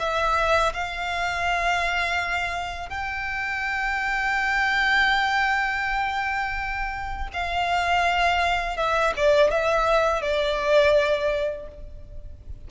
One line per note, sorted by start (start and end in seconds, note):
0.00 0.73 E5
0.74 2.90 F5
2.90 7.29 G5
7.34 8.77 F5
8.77 9.14 E5
9.17 9.52 D5
9.52 10.22 E5
10.22 11.68 D5